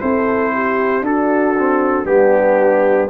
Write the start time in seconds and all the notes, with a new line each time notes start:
0.00 C4 E4 A4 C5
0.53 G4
1.01 D4 F#4 A4
1.58 C4
2.04 G3 B3 D4 G4